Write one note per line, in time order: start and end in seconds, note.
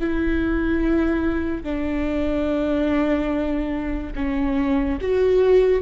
0.00 1.63 E4
1.63 4.13 D4
4.16 4.99 C#4
5.01 5.82 F#4